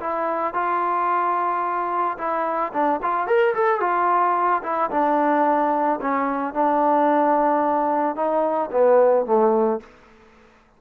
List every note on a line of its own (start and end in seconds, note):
0.00 0.54 E4
0.54 2.17 F4
2.17 2.72 E4
2.73 3.00 D4
3.02 3.27 F4
3.27 3.54 A#4
3.55 3.80 A4
3.80 4.62 F4
4.63 4.90 E4
4.90 6.00 D4
6.00 6.54 C#4
6.54 8.15 D4
8.15 8.70 D#4
8.71 9.26 B3
9.26 9.80 A3